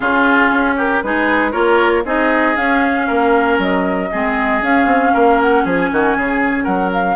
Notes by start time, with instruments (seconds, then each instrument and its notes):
0.00 bassoon C#3, clarinet C#4, oboe F4, flute G#4
0.50 bassoon C#4
0.76 oboe G4, flute A#4
1.02 bassoon G#3, clarinet D#4, oboe G#4, flute B4
1.51 bassoon A#3, clarinet F4, oboe A#4, flute C#5
2.04 bassoon C4, clarinet D#4, oboe G#4, flute D#5
2.55 clarinet C#4, bassoon C#4, flute F5
3.07 bassoon A#3, oboe A#4
3.58 bassoon F#3, flute D#5
4.11 bassoon G#3, clarinet C4, oboe G#4
4.62 bassoon C#4, clarinet C#4, flute F5
4.85 bassoon C4
5.13 bassoon A#3, oboe A#4
5.41 flute F#5
5.64 bassoon F3, oboe G#4, flute G#5
5.91 bassoon D#3, oboe F#4
6.16 bassoon C#3, oboe G#4
6.63 bassoon F#3, oboe A#4, flute F#5
6.93 flute F5